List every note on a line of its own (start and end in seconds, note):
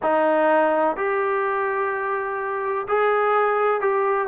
0.02 0.96 D#4
0.96 2.86 G4
2.87 3.81 G#4
3.81 4.27 G4